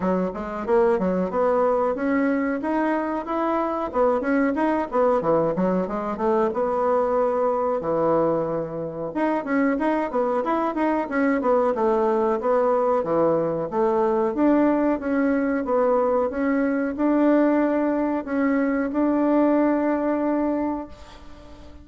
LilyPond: \new Staff \with { instrumentName = "bassoon" } { \time 4/4 \tempo 4 = 92 fis8 gis8 ais8 fis8 b4 cis'4 | dis'4 e'4 b8 cis'8 dis'8 b8 | e8 fis8 gis8 a8 b2 | e2 dis'8 cis'8 dis'8 b8 |
e'8 dis'8 cis'8 b8 a4 b4 | e4 a4 d'4 cis'4 | b4 cis'4 d'2 | cis'4 d'2. | }